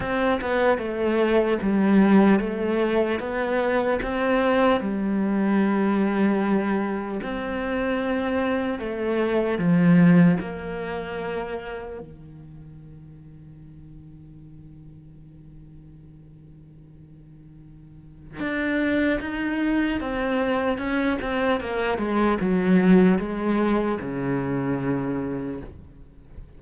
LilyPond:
\new Staff \with { instrumentName = "cello" } { \time 4/4 \tempo 4 = 75 c'8 b8 a4 g4 a4 | b4 c'4 g2~ | g4 c'2 a4 | f4 ais2 dis4~ |
dis1~ | dis2. d'4 | dis'4 c'4 cis'8 c'8 ais8 gis8 | fis4 gis4 cis2 | }